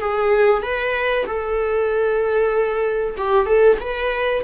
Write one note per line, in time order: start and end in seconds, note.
0.00 0.63 G#4
0.63 1.26 B4
1.26 3.16 A4
3.17 3.46 G4
3.46 3.78 A4
3.81 4.44 B4